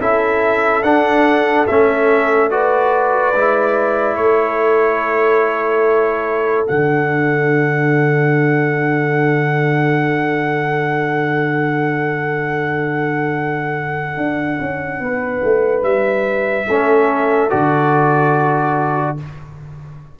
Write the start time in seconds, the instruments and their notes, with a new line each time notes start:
0.00 tuba C#4, trombone E4, horn A4, trumpet E5
0.82 tuba D4, trombone D4, trumpet F#5
1.67 tuba A3, trombone C#4, trumpet E5
2.50 trombone F#4, horn B4, trumpet D5
3.33 tuba G#3, trombone E4
4.16 tuba A3, horn A4, trumpet C#5
6.67 tuba D3, trombone D4, trumpet F#5
14.17 tuba D4
14.60 tuba C#4
14.99 tuba B3, horn B4
15.43 tuba A3
15.82 tuba G3, trumpet E5
16.67 tuba A3, trombone C#4, horn A4
17.49 tuba D3, trombone F#4, trumpet D5